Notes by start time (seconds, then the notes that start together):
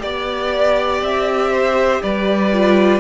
0.00 B3 G4 D5
1.02 C4 E5
1.52 C5
2.03 G3 B4 D5
2.53 F4